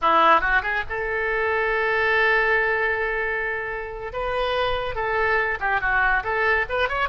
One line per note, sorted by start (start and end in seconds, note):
0.01 0.41 E4
0.41 0.62 F#4
0.62 0.83 G#4
0.89 4.12 A4
4.12 4.95 B4
4.95 5.58 A4
5.59 5.81 G4
5.81 6.23 F#4
6.23 6.65 A4
6.69 6.88 B4
6.88 7.08 C#5